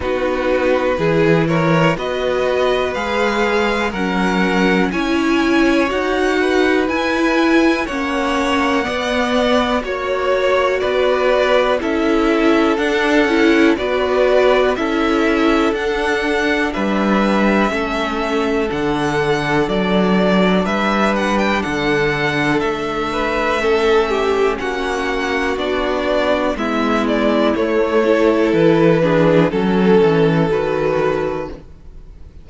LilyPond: <<
  \new Staff \with { instrumentName = "violin" } { \time 4/4 \tempo 4 = 61 b'4. cis''8 dis''4 f''4 | fis''4 gis''4 fis''4 gis''4 | fis''2 cis''4 d''4 | e''4 fis''4 d''4 e''4 |
fis''4 e''2 fis''4 | d''4 e''8 fis''16 g''16 fis''4 e''4~ | e''4 fis''4 d''4 e''8 d''8 | cis''4 b'4 a'4 b'4 | }
  \new Staff \with { instrumentName = "violin" } { \time 4/4 fis'4 gis'8 ais'8 b'2 | ais'4 cis''4. b'4. | cis''4 d''4 cis''4 b'4 | a'2 b'4 a'4~ |
a'4 b'4 a'2~ | a'4 b'4 a'4. b'8 | a'8 g'8 fis'2 e'4~ | e'8 a'4 gis'8 a'2 | }
  \new Staff \with { instrumentName = "viola" } { \time 4/4 dis'4 e'4 fis'4 gis'4 | cis'4 e'4 fis'4 e'4 | cis'4 b4 fis'2 | e'4 d'8 e'8 fis'4 e'4 |
d'2 cis'4 d'4~ | d'1 | cis'2 d'4 b4 | a8 e'4 d'8 cis'4 fis'4 | }
  \new Staff \with { instrumentName = "cello" } { \time 4/4 b4 e4 b4 gis4 | fis4 cis'4 dis'4 e'4 | ais4 b4 ais4 b4 | cis'4 d'8 cis'8 b4 cis'4 |
d'4 g4 a4 d4 | fis4 g4 d4 a4~ | a4 ais4 b4 gis4 | a4 e4 fis8 e8 dis4 | }
>>